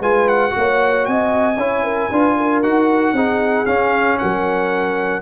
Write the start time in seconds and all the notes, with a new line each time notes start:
0.00 G#3 F4 B4 G#5
0.28 F#5
0.51 A#3 F#4
0.57 C#5
1.05 C4 D#5 G#5
1.57 C#4 E4 C#5
1.83 A#4
2.09 D4 F4 B4
2.37 A#4
2.63 D#4 F#4 F#5
3.13 C4 D#4 G#4
3.66 C#4 F5
4.18 F#3 A#4 F#5